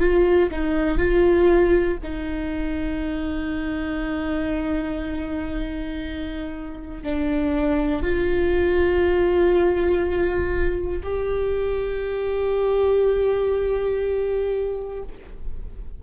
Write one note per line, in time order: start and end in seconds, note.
0.00 0.50 F4
0.51 0.98 D#4
0.98 1.98 F4
2.03 7.03 D#4
7.03 8.02 D4
8.02 11.02 F4
11.03 15.03 G4